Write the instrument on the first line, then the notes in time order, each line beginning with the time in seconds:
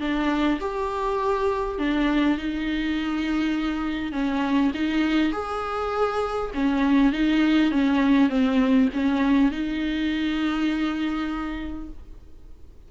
viola
0.00 D4
0.60 G4
1.78 D4
2.37 D#4
4.12 C#4
4.74 D#4
5.32 G#4
6.54 C#4
7.12 D#4
7.71 C#4
8.29 C4
8.93 C#4
9.51 D#4